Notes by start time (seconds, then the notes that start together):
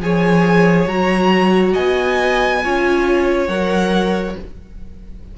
0.00 F3 G#4 C#5 G#5
0.87 F#3 F#4 A#5
1.73 B3 D#5 G#5
2.63 C#4 F4 C#5
3.48 F#3 A#4 F#5